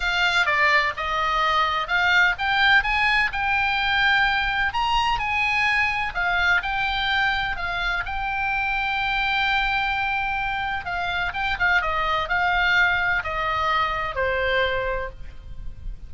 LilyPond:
\new Staff \with { instrumentName = "oboe" } { \time 4/4 \tempo 4 = 127 f''4 d''4 dis''2 | f''4 g''4 gis''4 g''4~ | g''2 ais''4 gis''4~ | gis''4 f''4 g''2 |
f''4 g''2.~ | g''2. f''4 | g''8 f''8 dis''4 f''2 | dis''2 c''2 | }